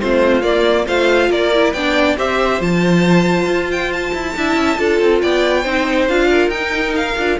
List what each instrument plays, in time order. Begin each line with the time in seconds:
0.00 cello A3, viola C4, violin F4 C5
0.41 viola A#3, cello A#3, violin D5
0.86 cello A3, viola F4, violin C5 F5
1.29 cello A#3, violin A#4 D5
1.53 viola E4
1.72 cello B3, viola D4, violin D5 G5
2.17 cello C4, viola G4, violin C5 E5
2.59 cello F3, viola F4, violin A5
3.46 cello F4
3.71 violin G5
3.92 violin A5
4.14 cello E4
4.36 cello D4, viola E4, violin E5
4.55 cello C#4
4.76 cello D4, viola F4, violin A4
5.00 cello C4
5.21 cello B3, violin D5 G5
5.62 cello C4, viola D#4, violin C5
6.08 cello D4, viola F4, violin F5
6.30 violin A#4
6.48 cello D#4, viola D#4, violin G5
6.95 violin F5
7.18 cello D4, viola F4